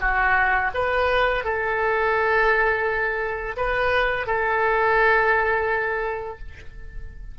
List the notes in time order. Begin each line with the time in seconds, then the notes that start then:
0.00 F#4
0.74 B4
1.44 A4
3.56 B4
4.26 A4